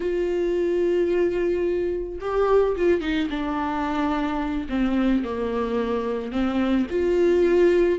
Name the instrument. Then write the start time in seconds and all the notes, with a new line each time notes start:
viola
0.00 F4
2.20 G4
2.76 F4
3.01 D#4
3.30 D4
4.69 C4
5.24 A#3
6.32 C4
6.90 F4